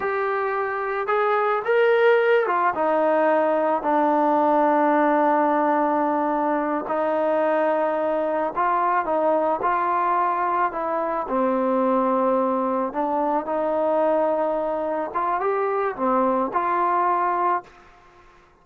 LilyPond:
\new Staff \with { instrumentName = "trombone" } { \time 4/4 \tempo 4 = 109 g'2 gis'4 ais'4~ | ais'8 f'8 dis'2 d'4~ | d'1~ | d'8 dis'2. f'8~ |
f'8 dis'4 f'2 e'8~ | e'8 c'2. d'8~ | d'8 dis'2. f'8 | g'4 c'4 f'2 | }